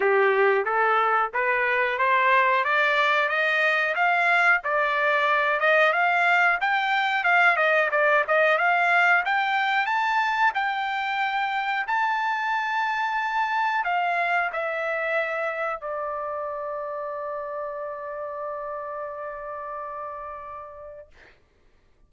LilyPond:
\new Staff \with { instrumentName = "trumpet" } { \time 4/4 \tempo 4 = 91 g'4 a'4 b'4 c''4 | d''4 dis''4 f''4 d''4~ | d''8 dis''8 f''4 g''4 f''8 dis''8 | d''8 dis''8 f''4 g''4 a''4 |
g''2 a''2~ | a''4 f''4 e''2 | d''1~ | d''1 | }